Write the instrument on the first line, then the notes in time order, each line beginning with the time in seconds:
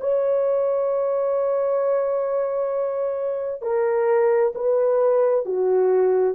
horn
0.00 C#5
3.62 A#4
4.55 B4
5.45 F#4